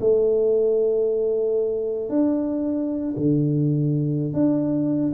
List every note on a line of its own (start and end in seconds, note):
0.00 2.09 A3
2.09 3.14 D4
3.16 4.33 D3
4.33 5.12 D4